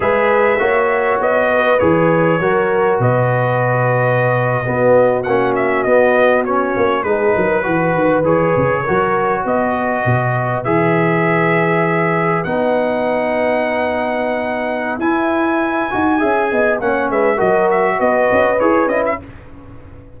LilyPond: <<
  \new Staff \with { instrumentName = "trumpet" } { \time 4/4 \tempo 4 = 100 e''2 dis''4 cis''4~ | cis''4 dis''2.~ | dis''8. fis''8 e''8 dis''4 cis''4 b'16~ | b'4.~ b'16 cis''2 dis''16~ |
dis''4.~ dis''16 e''2~ e''16~ | e''8. fis''2.~ fis''16~ | fis''4 gis''2. | fis''8 e''8 dis''8 e''8 dis''4 cis''8 dis''16 e''16 | }
  \new Staff \with { instrumentName = "horn" } { \time 4/4 b'4 cis''4. b'4. | ais'4 b'2~ b'8. fis'16~ | fis'2.~ fis'8. gis'16~ | gis'16 ais'8 b'2 ais'4 b'16~ |
b'1~ | b'1~ | b'2. e''8 dis''8 | cis''8 b'8 ais'4 b'2 | }
  \new Staff \with { instrumentName = "trombone" } { \time 4/4 gis'4 fis'2 gis'4 | fis'2.~ fis'8. b16~ | b8. cis'4 b4 cis'4 dis'16~ | dis'8. fis'4 gis'4 fis'4~ fis'16~ |
fis'4.~ fis'16 gis'2~ gis'16~ | gis'8. dis'2.~ dis'16~ | dis'4 e'4. fis'8 gis'4 | cis'4 fis'2 gis'8 e'8 | }
  \new Staff \with { instrumentName = "tuba" } { \time 4/4 gis4 ais4 b4 e4 | fis4 b,2~ b,8. b16~ | b8. ais4 b4. ais8 gis16~ | gis16 fis8 e8 dis8 e8 cis8 fis4 b16~ |
b8. b,4 e2~ e16~ | e8. b2.~ b16~ | b4 e'4. dis'8 cis'8 b8 | ais8 gis8 fis4 b8 cis'8 e'8 cis'8 | }
>>